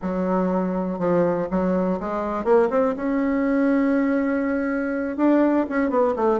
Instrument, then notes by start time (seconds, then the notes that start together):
bassoon
0.02 F#3
0.99 F3
1.50 F#3
2.00 G#3
2.44 A#3
2.70 C4
2.96 C#4
5.16 D4
5.69 C#4
5.89 B3
6.15 A3